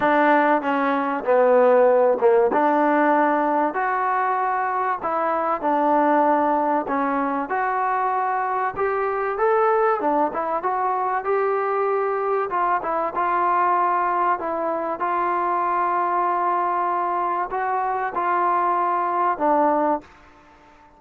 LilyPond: \new Staff \with { instrumentName = "trombone" } { \time 4/4 \tempo 4 = 96 d'4 cis'4 b4. ais8 | d'2 fis'2 | e'4 d'2 cis'4 | fis'2 g'4 a'4 |
d'8 e'8 fis'4 g'2 | f'8 e'8 f'2 e'4 | f'1 | fis'4 f'2 d'4 | }